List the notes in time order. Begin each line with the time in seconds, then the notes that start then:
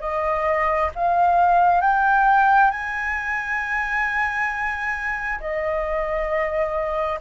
0.00 D#5
0.95 F5
1.81 G5
2.70 G#5
5.40 D#5